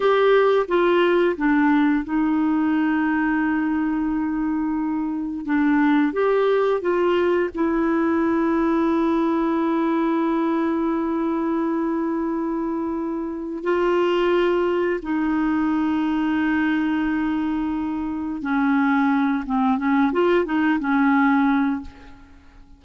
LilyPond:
\new Staff \with { instrumentName = "clarinet" } { \time 4/4 \tempo 4 = 88 g'4 f'4 d'4 dis'4~ | dis'1 | d'4 g'4 f'4 e'4~ | e'1~ |
e'1 | f'2 dis'2~ | dis'2. cis'4~ | cis'8 c'8 cis'8 f'8 dis'8 cis'4. | }